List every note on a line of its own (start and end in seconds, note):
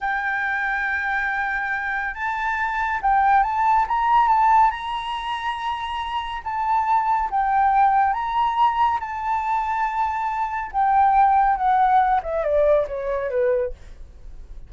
0.00 2.14 G5
2.14 3.00 A5
3.02 3.43 G5
3.43 3.86 A5
3.88 4.27 A#5
4.27 4.70 A5
4.70 6.42 A#5
6.43 7.29 A5
7.30 8.13 G5
8.13 8.98 A#5
9.00 10.71 A5
10.71 11.56 G5
11.56 12.20 F#5
12.22 12.44 E5
12.44 12.86 D5
12.87 13.30 C#5
13.30 13.72 B4